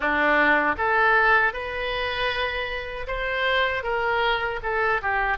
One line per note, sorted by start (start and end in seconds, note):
0.00 0.75 D4
0.77 1.53 A4
1.53 3.07 B4
3.07 3.83 C5
3.83 4.60 A#4
4.62 5.01 A4
5.01 5.37 G4